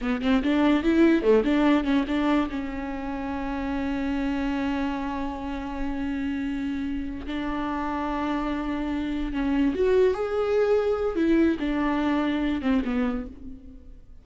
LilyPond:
\new Staff \with { instrumentName = "viola" } { \time 4/4 \tempo 4 = 145 b8 c'8 d'4 e'4 a8 d'8~ | d'8 cis'8 d'4 cis'2~ | cis'1~ | cis'1~ |
cis'4. d'2~ d'8~ | d'2~ d'8 cis'4 fis'8~ | fis'8 gis'2~ gis'8 e'4 | d'2~ d'8 c'8 b4 | }